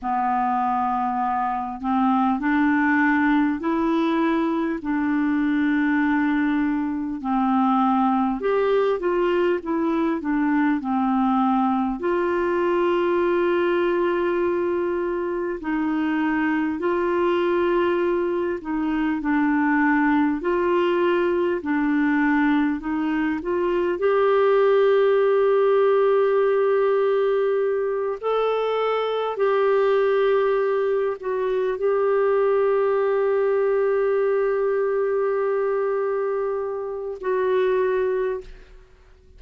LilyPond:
\new Staff \with { instrumentName = "clarinet" } { \time 4/4 \tempo 4 = 50 b4. c'8 d'4 e'4 | d'2 c'4 g'8 f'8 | e'8 d'8 c'4 f'2~ | f'4 dis'4 f'4. dis'8 |
d'4 f'4 d'4 dis'8 f'8 | g'2.~ g'8 a'8~ | a'8 g'4. fis'8 g'4.~ | g'2. fis'4 | }